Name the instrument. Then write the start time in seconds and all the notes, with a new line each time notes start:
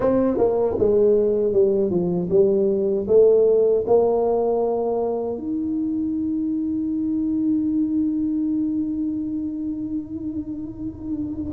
tuba
0.00 C4
0.37 A#3
0.78 G#3
1.52 G3
1.90 F3
2.29 G3
3.07 A3
3.86 A#3
5.37 D#4